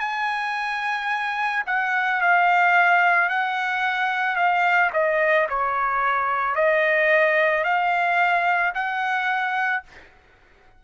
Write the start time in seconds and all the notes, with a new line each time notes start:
0.00 G#5
1.67 F#5
2.22 F5
3.30 F#5
4.36 F5
4.93 D#5
5.50 C#5
6.56 D#5
7.65 F5
8.75 F#5